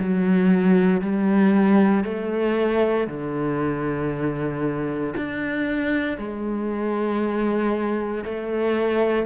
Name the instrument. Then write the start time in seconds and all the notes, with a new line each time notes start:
cello
0.00 F#3
1.01 G3
2.05 A3
3.08 D3
5.17 D4
6.18 G#3
8.25 A3